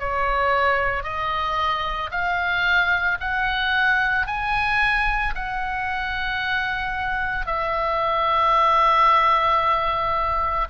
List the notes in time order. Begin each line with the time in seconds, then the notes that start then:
0.00 C#5
1.04 D#5
2.11 F5
3.20 F#5
4.27 G#5
5.36 F#5
7.47 E5